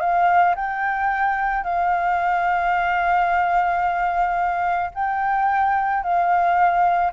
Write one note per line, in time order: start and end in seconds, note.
0.00 0.55 F5
0.55 1.63 G5
1.63 4.90 F5
4.94 6.03 G5
6.03 7.12 F5